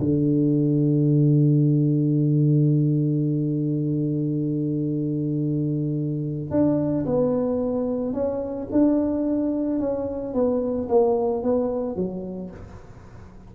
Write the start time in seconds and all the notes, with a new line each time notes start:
0.00 D3
6.51 D4
7.06 B3
8.14 C#4
8.72 D4
9.80 C#4
10.34 B3
10.89 A#3
11.43 B3
11.96 F#3